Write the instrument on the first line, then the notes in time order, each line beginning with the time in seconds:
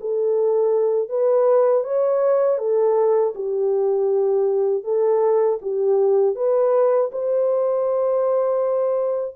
horn
0.00 A4
1.09 B4
1.83 C#5
2.58 A4
3.35 G4
4.83 A4
5.62 G4
6.35 B4
7.11 C5